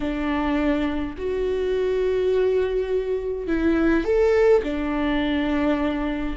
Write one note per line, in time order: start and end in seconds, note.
0.00 1.15 D4
1.17 3.47 F#4
3.47 4.04 E4
4.04 4.62 A4
4.63 6.36 D4